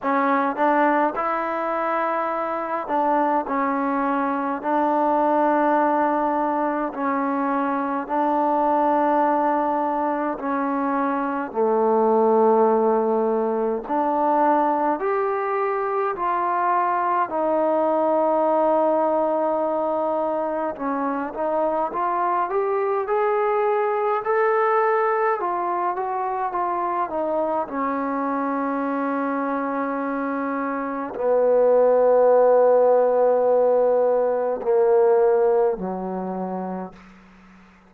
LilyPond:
\new Staff \with { instrumentName = "trombone" } { \time 4/4 \tempo 4 = 52 cis'8 d'8 e'4. d'8 cis'4 | d'2 cis'4 d'4~ | d'4 cis'4 a2 | d'4 g'4 f'4 dis'4~ |
dis'2 cis'8 dis'8 f'8 g'8 | gis'4 a'4 f'8 fis'8 f'8 dis'8 | cis'2. b4~ | b2 ais4 fis4 | }